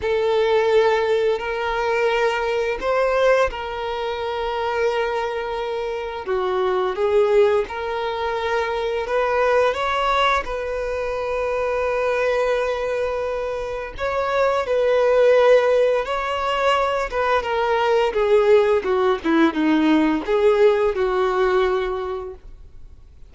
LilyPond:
\new Staff \with { instrumentName = "violin" } { \time 4/4 \tempo 4 = 86 a'2 ais'2 | c''4 ais'2.~ | ais'4 fis'4 gis'4 ais'4~ | ais'4 b'4 cis''4 b'4~ |
b'1 | cis''4 b'2 cis''4~ | cis''8 b'8 ais'4 gis'4 fis'8 e'8 | dis'4 gis'4 fis'2 | }